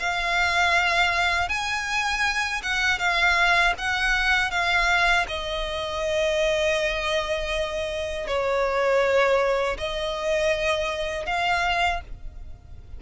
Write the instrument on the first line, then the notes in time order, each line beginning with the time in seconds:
violin
0.00 F5
1.49 G#5
2.63 F#5
2.99 F5
3.78 F#5
4.51 F5
5.28 D#5
8.27 C#5
9.78 D#5
11.26 F5